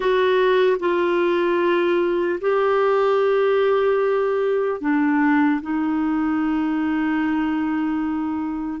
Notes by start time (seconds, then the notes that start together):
0.00 F#4
0.79 F4
2.40 G4
4.80 D4
5.61 D#4